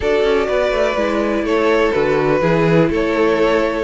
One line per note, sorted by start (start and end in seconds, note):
0.00 0.23 D4
0.00 0.96 F#4
0.00 0.47 A4
0.00 1.46 D5
0.23 0.47 C#4
0.47 0.71 B3
0.47 1.44 B4
0.71 0.95 A3
0.95 1.42 G#3
0.95 1.93 E4
1.42 1.91 A3
1.42 2.40 A4
1.42 1.92 C#5
1.92 2.41 D3
1.92 2.41 F#4
1.92 2.89 B4
2.41 2.89 E3
2.41 3.84 E4
2.41 2.89 G#4
2.89 3.84 A3
2.89 3.84 A4
2.89 3.84 C#5